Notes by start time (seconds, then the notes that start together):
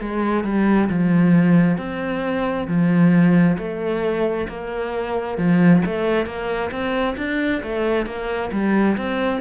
0.00 G#3
0.44 G3
0.89 F3
1.77 C4
2.67 F3
3.58 A3
4.48 A#3
5.37 F3
5.85 A3
6.26 A#3
6.71 C4
7.17 D4
7.62 A3
8.06 A#3
8.52 G3
8.97 C4